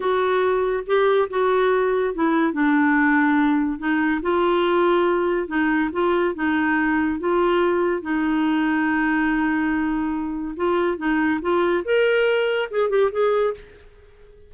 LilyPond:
\new Staff \with { instrumentName = "clarinet" } { \time 4/4 \tempo 4 = 142 fis'2 g'4 fis'4~ | fis'4 e'4 d'2~ | d'4 dis'4 f'2~ | f'4 dis'4 f'4 dis'4~ |
dis'4 f'2 dis'4~ | dis'1~ | dis'4 f'4 dis'4 f'4 | ais'2 gis'8 g'8 gis'4 | }